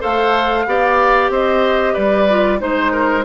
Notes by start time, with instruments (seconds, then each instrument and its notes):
0.00 bassoon A3, clarinet A4, oboe C5, flute F5
0.67 bassoon B3, clarinet G4, oboe D5
1.29 bassoon C4, oboe C5, flute D#5
1.93 bassoon G3, oboe B4, flute D5
2.29 clarinet F4
2.59 bassoon G#3, clarinet D#4, flute C5, oboe C5
2.92 oboe A#4